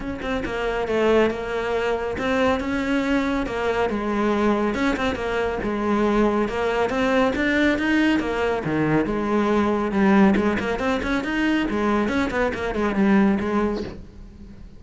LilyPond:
\new Staff \with { instrumentName = "cello" } { \time 4/4 \tempo 4 = 139 cis'8 c'8 ais4 a4 ais4~ | ais4 c'4 cis'2 | ais4 gis2 cis'8 c'8 | ais4 gis2 ais4 |
c'4 d'4 dis'4 ais4 | dis4 gis2 g4 | gis8 ais8 c'8 cis'8 dis'4 gis4 | cis'8 b8 ais8 gis8 g4 gis4 | }